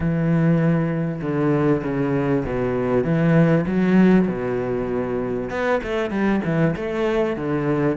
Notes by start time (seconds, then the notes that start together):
0.00 E3
1.21 D3
1.83 C#3
2.45 B2
3.04 E3
3.67 F#3
4.27 B2
5.50 B3
5.83 A3
6.10 G3
6.45 E3
6.75 A3
7.36 D3